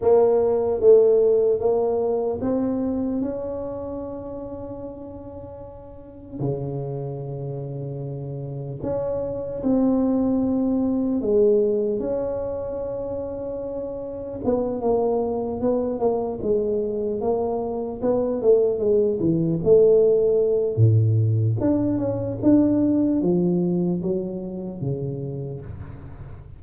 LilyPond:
\new Staff \with { instrumentName = "tuba" } { \time 4/4 \tempo 4 = 75 ais4 a4 ais4 c'4 | cis'1 | cis2. cis'4 | c'2 gis4 cis'4~ |
cis'2 b8 ais4 b8 | ais8 gis4 ais4 b8 a8 gis8 | e8 a4. a,4 d'8 cis'8 | d'4 f4 fis4 cis4 | }